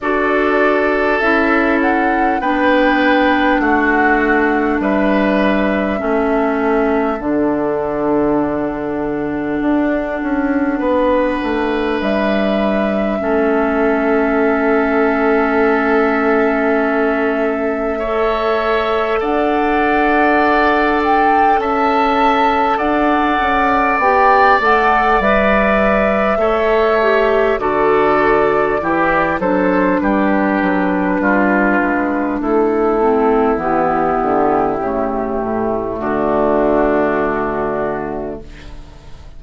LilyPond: <<
  \new Staff \with { instrumentName = "flute" } { \time 4/4 \tempo 4 = 50 d''4 e''8 fis''8 g''4 fis''4 | e''2 fis''2~ | fis''2 e''2~ | e''1 |
fis''4. g''8 a''4 fis''4 | g''8 fis''8 e''2 d''4~ | d''8 c''8 b'2 a'4 | g'2 fis'2 | }
  \new Staff \with { instrumentName = "oboe" } { \time 4/4 a'2 b'4 fis'4 | b'4 a'2.~ | a'4 b'2 a'4~ | a'2. cis''4 |
d''2 e''4 d''4~ | d''2 cis''4 a'4 | g'8 a'8 g'4 f'4 e'4~ | e'2 d'2 | }
  \new Staff \with { instrumentName = "clarinet" } { \time 4/4 fis'4 e'4 d'2~ | d'4 cis'4 d'2~ | d'2. cis'4~ | cis'2. a'4~ |
a'1 | g'8 a'8 b'4 a'8 g'8 fis'4 | e'8 d'2. c'8 | b4 a2. | }
  \new Staff \with { instrumentName = "bassoon" } { \time 4/4 d'4 cis'4 b4 a4 | g4 a4 d2 | d'8 cis'8 b8 a8 g4 a4~ | a1 |
d'2 cis'4 d'8 cis'8 | b8 a8 g4 a4 d4 | e8 fis8 g8 fis8 g8 gis8 a4 | e8 d8 cis8 a,8 d2 | }
>>